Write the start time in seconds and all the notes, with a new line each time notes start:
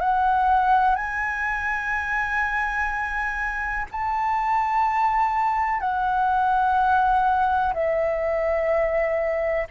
0.00 F#5
0.95 G#5
3.91 A5
5.80 F#5
7.74 E5